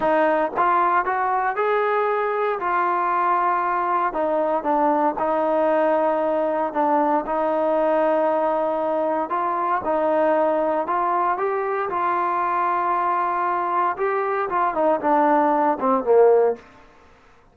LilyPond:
\new Staff \with { instrumentName = "trombone" } { \time 4/4 \tempo 4 = 116 dis'4 f'4 fis'4 gis'4~ | gis'4 f'2. | dis'4 d'4 dis'2~ | dis'4 d'4 dis'2~ |
dis'2 f'4 dis'4~ | dis'4 f'4 g'4 f'4~ | f'2. g'4 | f'8 dis'8 d'4. c'8 ais4 | }